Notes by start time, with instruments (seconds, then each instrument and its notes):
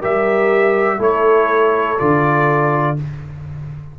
0.00 tuba G3, trombone G4, horn A#4, trumpet E5
0.98 tuba A3, trombone E4, horn A4, trumpet C#5
1.98 tuba D3, trombone F4, trumpet D5